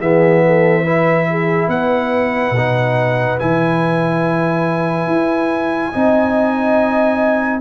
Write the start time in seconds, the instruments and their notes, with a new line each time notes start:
0.00 tuba E3, trombone B3, horn G#4, trumpet E5
0.46 horn A4
0.84 trombone E4, horn B4
1.30 horn G#4
1.68 tuba B3, horn B4, trumpet F#5
2.51 tuba B2
2.57 trombone D#4
3.39 tuba E3, trombone E4, trumpet G#5
5.07 tuba E4
5.91 tuba C4, trombone D#4, horn D#5